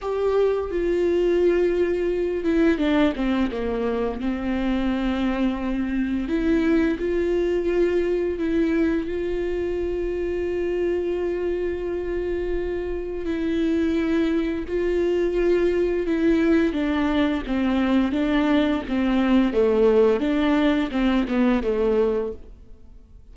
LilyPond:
\new Staff \with { instrumentName = "viola" } { \time 4/4 \tempo 4 = 86 g'4 f'2~ f'8 e'8 | d'8 c'8 ais4 c'2~ | c'4 e'4 f'2 | e'4 f'2.~ |
f'2. e'4~ | e'4 f'2 e'4 | d'4 c'4 d'4 c'4 | a4 d'4 c'8 b8 a4 | }